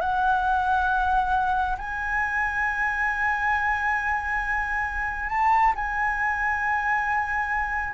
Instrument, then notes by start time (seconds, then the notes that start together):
flute
0.00 F#5
1.78 G#5
5.29 A5
5.75 G#5